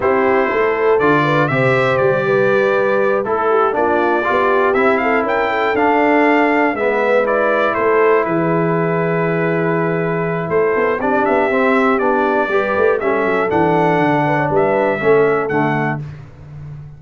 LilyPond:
<<
  \new Staff \with { instrumentName = "trumpet" } { \time 4/4 \tempo 4 = 120 c''2 d''4 e''4 | d''2~ d''8 a'4 d''8~ | d''4. e''8 f''8 g''4 f''8~ | f''4. e''4 d''4 c''8~ |
c''8 b'2.~ b'8~ | b'4 c''4 d''8 e''4. | d''2 e''4 fis''4~ | fis''4 e''2 fis''4 | }
  \new Staff \with { instrumentName = "horn" } { \time 4/4 g'4 a'4. b'8 c''4~ | c''8 b'2 a'8 g'8 f'8~ | f'8 g'4. a'8 ais'8 a'4~ | a'4. b'2 a'8~ |
a'8 gis'2.~ gis'8~ | gis'4 a'4 g'2~ | g'4 b'4 a'2~ | a'8 b'16 cis''16 b'4 a'2 | }
  \new Staff \with { instrumentName = "trombone" } { \time 4/4 e'2 f'4 g'4~ | g'2~ g'8 e'4 d'8~ | d'8 f'4 e'2 d'8~ | d'4. b4 e'4.~ |
e'1~ | e'2 d'4 c'4 | d'4 g'4 cis'4 d'4~ | d'2 cis'4 a4 | }
  \new Staff \with { instrumentName = "tuba" } { \time 4/4 c'4 a4 d4 c4 | g2~ g8 a4 ais8~ | ais8 b4 c'4 cis'4 d'8~ | d'4. gis2 a8~ |
a8 e2.~ e8~ | e4 a8 b8 c'8 b8 c'4 | b4 g8 a8 g8 fis8 e4 | d4 g4 a4 d4 | }
>>